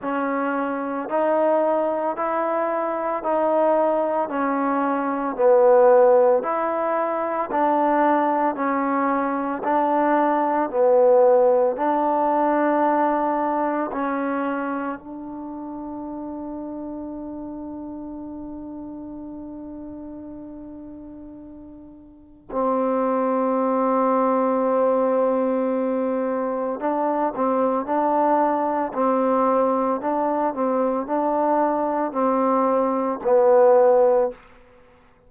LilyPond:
\new Staff \with { instrumentName = "trombone" } { \time 4/4 \tempo 4 = 56 cis'4 dis'4 e'4 dis'4 | cis'4 b4 e'4 d'4 | cis'4 d'4 b4 d'4~ | d'4 cis'4 d'2~ |
d'1~ | d'4 c'2.~ | c'4 d'8 c'8 d'4 c'4 | d'8 c'8 d'4 c'4 b4 | }